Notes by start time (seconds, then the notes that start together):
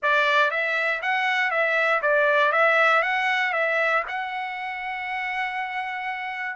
0.02 D5
0.50 E5
1.02 F#5
1.50 E5
2.02 D5
2.52 E5
3.02 F#5
3.52 E5
4.07 F#5